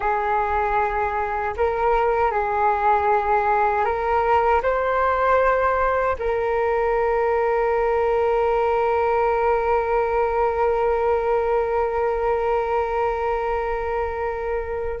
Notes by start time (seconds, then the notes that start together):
0.00 G#4
1.56 A#4
2.31 G#4
3.85 A#4
4.62 C5
6.19 A#4